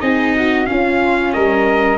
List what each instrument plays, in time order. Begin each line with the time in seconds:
0.00 tuba C4, viola D#4, flute G#4, trumpet D#5
0.35 flute F#4
0.66 viola C#4, tuba C#4, flute F4, trumpet F5
1.33 tuba G3, flute A#4, trumpet D#5